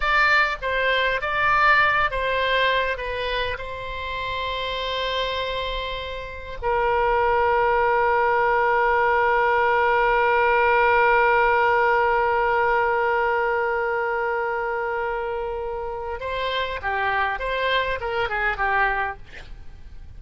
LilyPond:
\new Staff \with { instrumentName = "oboe" } { \time 4/4 \tempo 4 = 100 d''4 c''4 d''4. c''8~ | c''4 b'4 c''2~ | c''2. ais'4~ | ais'1~ |
ais'1~ | ais'1~ | ais'2. c''4 | g'4 c''4 ais'8 gis'8 g'4 | }